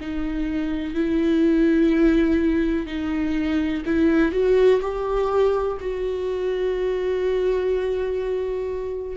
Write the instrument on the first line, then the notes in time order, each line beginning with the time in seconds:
viola
0.00 D#4
0.94 E4
2.86 D#4
3.85 E4
4.32 F#4
4.81 G4
5.80 F#4